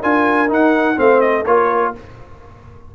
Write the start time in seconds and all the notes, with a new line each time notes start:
0.00 D4 F4 A#4 G#5
0.48 D#4 F#5
0.97 A3 C4 C5 F5
1.21 D#5
1.44 A#3 F4 A#4 C#5